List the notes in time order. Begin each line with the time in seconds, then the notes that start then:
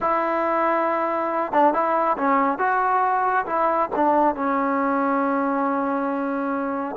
0.00 E4
1.52 D4
1.73 E4
2.17 C#4
2.58 F#4
3.46 E4
3.95 D4
4.35 C#4